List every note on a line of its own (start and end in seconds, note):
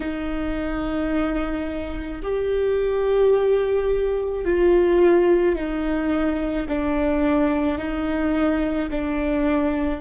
0.00 2.22 D#4
2.22 4.44 G4
4.44 5.55 F4
5.55 6.66 D#4
6.68 7.78 D4
7.78 8.89 D#4
8.90 10.01 D4